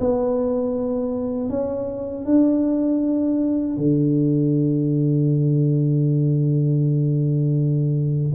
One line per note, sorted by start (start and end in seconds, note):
0.00 1.50 B3
1.50 2.25 C#4
2.25 3.77 D4
3.78 8.33 D3